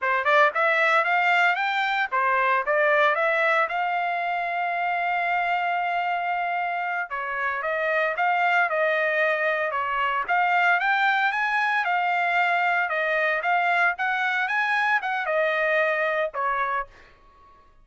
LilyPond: \new Staff \with { instrumentName = "trumpet" } { \time 4/4 \tempo 4 = 114 c''8 d''8 e''4 f''4 g''4 | c''4 d''4 e''4 f''4~ | f''1~ | f''4. cis''4 dis''4 f''8~ |
f''8 dis''2 cis''4 f''8~ | f''8 g''4 gis''4 f''4.~ | f''8 dis''4 f''4 fis''4 gis''8~ | gis''8 fis''8 dis''2 cis''4 | }